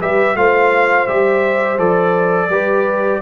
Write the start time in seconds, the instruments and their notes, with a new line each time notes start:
0.00 tuba G3, trombone G4, horn B4, trumpet E5
0.35 tuba A3, trombone F4, horn C5, trumpet F5
1.07 tuba G3, trombone G4, trumpet E5
1.78 tuba F3, trombone A4, trumpet D5
2.49 tuba G3, trombone G4, horn B4